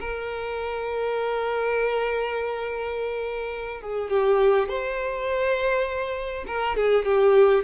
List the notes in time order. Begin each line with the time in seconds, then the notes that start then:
0.00 A#4
3.82 G#4
4.10 G4
4.69 C5
6.47 A#4
6.76 G#4
7.05 G4